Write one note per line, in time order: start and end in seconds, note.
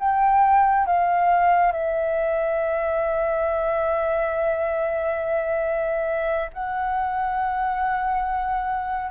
0.00 0.87 G5
0.87 1.72 F5
1.72 6.51 E5
6.54 9.11 F#5